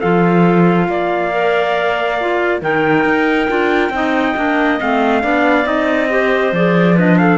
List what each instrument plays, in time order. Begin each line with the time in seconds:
0.00 cello F3, clarinet F4 A4, trumpet F5
0.88 cello A#3, clarinet D5
1.32 clarinet A#4
2.21 clarinet F4
2.61 cello D#3, clarinet D#4 A#4, trumpet G5
3.05 cello D#4
3.48 cello D4, clarinet F4
3.90 cello C4, clarinet D#4 D#5
4.36 cello A#3, clarinet D4
4.79 cello A3, clarinet C4, trumpet F5
5.23 cello B3, clarinet D4 D5
5.64 cello C4, clarinet D#4, trumpet D#5
6.10 clarinet G4 C5
6.52 cello F3, clarinet G#4, trumpet D5
6.95 clarinet D4 B4, trumpet D#5
7.19 clarinet A4, trumpet F5